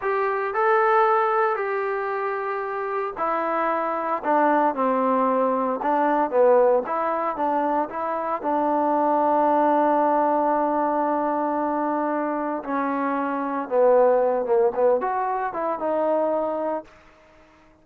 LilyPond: \new Staff \with { instrumentName = "trombone" } { \time 4/4 \tempo 4 = 114 g'4 a'2 g'4~ | g'2 e'2 | d'4 c'2 d'4 | b4 e'4 d'4 e'4 |
d'1~ | d'1 | cis'2 b4. ais8 | b8 fis'4 e'8 dis'2 | }